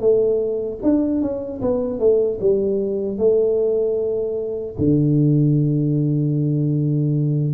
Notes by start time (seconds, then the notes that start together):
0.00 A3
0.82 D4
1.21 C#4
1.61 B3
1.99 A3
2.40 G3
3.18 A3
4.78 D3